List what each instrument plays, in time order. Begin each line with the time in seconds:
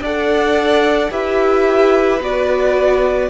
0.00 cello D4, viola A4, violin D5 F#5
1.11 cello E4, viola G4, violin B4 E5
2.20 cello B3, viola F#4, violin D5